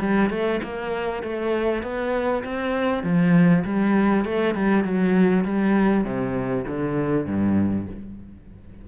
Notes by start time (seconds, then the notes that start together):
0.00 G3
0.30 A3
0.63 A#3
1.23 A3
1.83 B3
2.44 C4
3.03 F3
3.65 G3
4.25 A3
4.55 G3
4.84 F#3
5.44 G3
6.04 C3
6.67 D3
7.26 G2